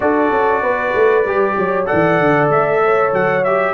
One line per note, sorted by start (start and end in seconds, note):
0.00 0.30 D4
0.00 1.24 F#4
0.00 0.62 A4
0.00 1.85 D5
0.30 0.61 C#4
0.61 0.92 B3
0.61 1.55 B4
0.94 1.25 A3
1.25 1.57 G3
1.25 1.86 G4
1.57 1.88 F#3
1.57 1.88 C#5
1.86 3.42 A4
1.86 2.81 D5
1.86 2.48 F#5
1.92 2.20 E3
2.20 2.49 D3
2.49 3.12 A3
2.49 3.13 E5
2.84 3.74 C#5
3.12 3.74 F#3
3.12 3.44 F#5
3.44 3.74 G4
3.44 3.74 E5